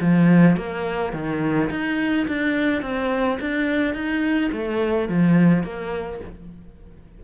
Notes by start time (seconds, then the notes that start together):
0.00 F3
0.56 A#3
1.13 D#3
1.70 D#4
2.27 D4
2.81 C4
3.40 D4
3.94 D#4
4.52 A3
5.08 F3
5.63 A#3